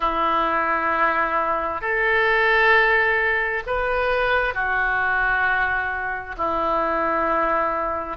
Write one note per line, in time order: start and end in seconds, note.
0.00 1.81 E4
1.81 3.62 A4
3.66 4.53 B4
4.53 6.35 F#4
6.37 8.17 E4